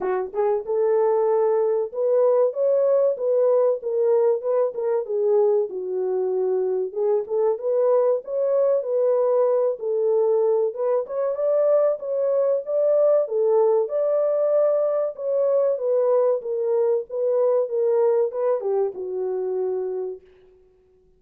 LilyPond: \new Staff \with { instrumentName = "horn" } { \time 4/4 \tempo 4 = 95 fis'8 gis'8 a'2 b'4 | cis''4 b'4 ais'4 b'8 ais'8 | gis'4 fis'2 gis'8 a'8 | b'4 cis''4 b'4. a'8~ |
a'4 b'8 cis''8 d''4 cis''4 | d''4 a'4 d''2 | cis''4 b'4 ais'4 b'4 | ais'4 b'8 g'8 fis'2 | }